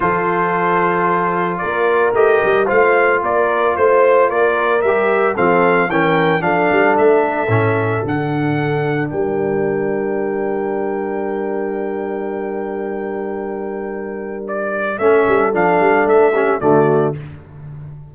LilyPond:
<<
  \new Staff \with { instrumentName = "trumpet" } { \time 4/4 \tempo 4 = 112 c''2. d''4 | dis''4 f''4 d''4 c''4 | d''4 e''4 f''4 g''4 | f''4 e''2 fis''4~ |
fis''4 g''2.~ | g''1~ | g''2. d''4 | e''4 f''4 e''4 d''4 | }
  \new Staff \with { instrumentName = "horn" } { \time 4/4 a'2. ais'4~ | ais'4 c''4 ais'4 c''4 | ais'2 a'4 ais'4 | a'1~ |
a'4 ais'2.~ | ais'1~ | ais'1 | a'2~ a'8 g'8 fis'4 | }
  \new Staff \with { instrumentName = "trombone" } { \time 4/4 f'1 | g'4 f'2.~ | f'4 g'4 c'4 cis'4 | d'2 cis'4 d'4~ |
d'1~ | d'1~ | d'1 | cis'4 d'4. cis'8 a4 | }
  \new Staff \with { instrumentName = "tuba" } { \time 4/4 f2. ais4 | a8 g8 a4 ais4 a4 | ais4 g4 f4 e4 | f8 g8 a4 a,4 d4~ |
d4 g2.~ | g1~ | g1 | a8 g8 f8 g8 a4 d4 | }
>>